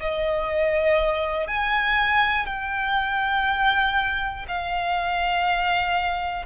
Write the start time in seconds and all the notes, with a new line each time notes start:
0.00 D#5
1.47 G#5
2.46 G5
4.48 F5